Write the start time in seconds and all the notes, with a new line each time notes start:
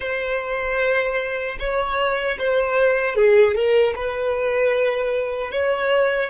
0.00 C5
1.59 C#5
2.38 C5
3.15 G#4
3.55 A#4
3.95 B4
5.50 C#5